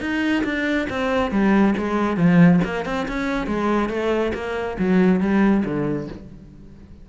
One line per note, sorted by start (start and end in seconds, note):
0.00 0.43 D#4
0.43 0.87 D4
0.89 1.31 C4
1.31 1.74 G3
1.77 2.17 G#3
2.17 2.60 F3
2.64 2.85 A#3
2.85 3.06 C4
3.07 3.46 C#4
3.46 3.89 G#3
3.89 4.32 A3
4.34 4.77 A#3
4.78 5.20 F#3
5.20 5.63 G3
5.64 6.08 D3